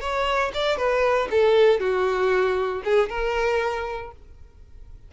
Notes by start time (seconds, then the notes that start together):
0.00 C#5
0.54 D5
0.77 B4
1.31 A4
1.80 F#4
2.84 G#4
3.09 A#4